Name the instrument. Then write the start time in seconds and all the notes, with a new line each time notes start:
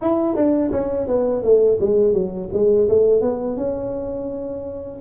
tuba
0.01 E4
0.35 D4
0.71 C#4
1.07 B3
1.43 A3
1.80 G#3
2.13 F#3
2.52 G#3
2.88 A3
3.21 B3
3.56 C#4